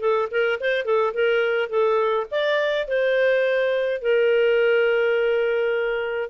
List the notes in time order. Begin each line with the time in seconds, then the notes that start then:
0.00 A4
0.31 A#4
0.60 C5
0.85 A4
1.14 A#4
1.70 A4
2.31 D5
2.88 C5
4.02 A#4